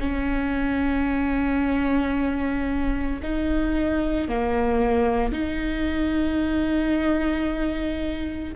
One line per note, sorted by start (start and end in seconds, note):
0.00 3.21 C#4
3.22 4.29 D#4
4.29 5.33 A#3
5.33 8.54 D#4